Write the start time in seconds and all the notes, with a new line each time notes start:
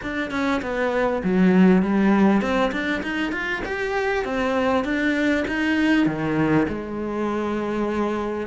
0.02 D4
0.30 C#4
0.61 B3
1.23 F#3
1.82 G3
2.41 C4
2.71 D4
3.02 D#4
3.32 F4
3.65 G4
4.24 C4
4.84 D4
5.47 D#4
6.06 D#3
6.68 G#3